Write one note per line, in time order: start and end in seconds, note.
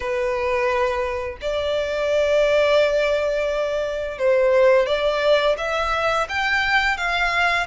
0.00 1.37 B4
1.41 4.18 D5
4.18 4.86 C5
4.86 5.56 D5
5.57 6.27 E5
6.28 6.97 G5
6.97 7.66 F5